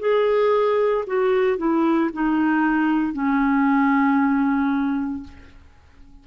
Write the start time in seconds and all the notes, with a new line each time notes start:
0.00 G#4
1.07 F#4
1.58 E4
2.13 D#4
3.13 C#4